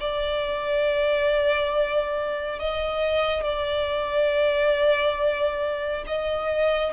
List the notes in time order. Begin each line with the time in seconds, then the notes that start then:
0.00 D5
2.59 D#5
3.43 D5
6.07 D#5